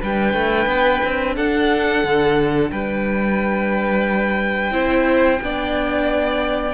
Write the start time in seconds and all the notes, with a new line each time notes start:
0.00 G3 D4 B4 G5
0.34 A3
0.66 B3
1.04 C4
1.36 D4 A4 F#5
2.04 D3
2.70 G3 B4 G5
4.71 C4 E4 C5
5.42 B3 D4 D5